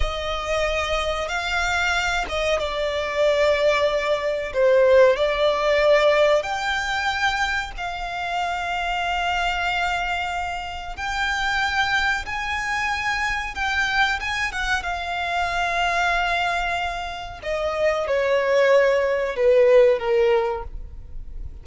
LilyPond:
\new Staff \with { instrumentName = "violin" } { \time 4/4 \tempo 4 = 93 dis''2 f''4. dis''8 | d''2. c''4 | d''2 g''2 | f''1~ |
f''4 g''2 gis''4~ | gis''4 g''4 gis''8 fis''8 f''4~ | f''2. dis''4 | cis''2 b'4 ais'4 | }